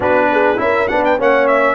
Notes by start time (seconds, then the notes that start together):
0.00 B3 D4 F#4 B4
0.32 G#4
0.57 C#4 E4 A#4 E5
0.88 B3 D4 B4 F#5
1.04 G5
1.18 A#3 C#4 C#5 F#5
1.47 E5